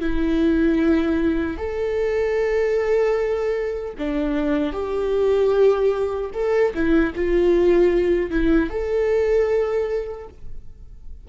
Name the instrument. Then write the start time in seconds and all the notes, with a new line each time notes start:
viola
0.00 E4
1.58 A4
3.98 D4
4.73 G4
6.34 A4
6.74 E4
7.16 F4
8.30 E4
8.70 A4